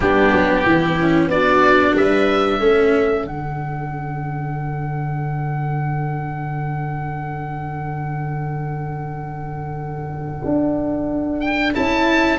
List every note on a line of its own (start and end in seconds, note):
0.00 0.32 G3
0.00 0.95 B3
0.00 0.65 D4
0.00 1.29 G4
0.32 0.65 F#3
0.65 1.27 E3
0.65 1.30 E4
0.99 1.31 C#4
1.27 1.93 B3
1.27 2.60 D4
1.27 1.96 F#4
1.27 1.95 D5
1.95 2.59 G3
1.95 2.60 B4
1.95 3.26 E5
2.59 3.23 A3
2.59 3.25 C#4
2.59 12.38 A4
3.23 10.41 D3
3.23 11.72 D4
3.23 11.40 F#5
10.45 11.75 D4
11.40 11.72 G5
11.74 12.38 C#4
11.74 12.38 E4
11.74 12.38 A5